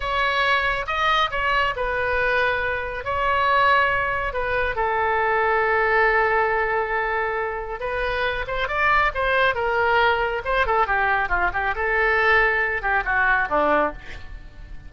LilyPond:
\new Staff \with { instrumentName = "oboe" } { \time 4/4 \tempo 4 = 138 cis''2 dis''4 cis''4 | b'2. cis''4~ | cis''2 b'4 a'4~ | a'1~ |
a'2 b'4. c''8 | d''4 c''4 ais'2 | c''8 a'8 g'4 f'8 g'8 a'4~ | a'4. g'8 fis'4 d'4 | }